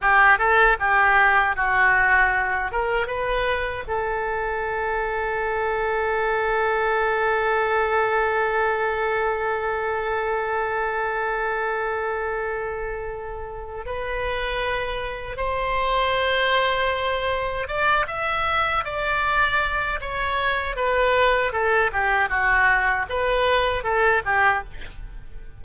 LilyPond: \new Staff \with { instrumentName = "oboe" } { \time 4/4 \tempo 4 = 78 g'8 a'8 g'4 fis'4. ais'8 | b'4 a'2.~ | a'1~ | a'1~ |
a'2 b'2 | c''2. d''8 e''8~ | e''8 d''4. cis''4 b'4 | a'8 g'8 fis'4 b'4 a'8 g'8 | }